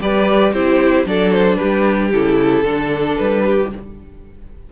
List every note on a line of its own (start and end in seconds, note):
0.00 0.53 G3
0.00 0.53 G4
0.00 0.53 B4
0.00 0.53 D5
0.53 1.05 C4
0.53 1.06 E4
0.53 1.06 G4
0.53 1.06 C5
1.05 1.57 F#3
1.05 2.11 D4
1.05 1.58 A4
1.05 1.32 D5
1.32 1.56 C5
1.56 2.13 G3
1.56 2.64 G4
1.56 2.09 B4
2.13 2.63 C#3
2.13 2.65 E4
2.13 3.17 A4
2.63 3.16 D3
2.63 3.70 D4
2.63 3.43 A4
3.17 3.72 G3
3.17 3.69 B4
3.45 3.72 G4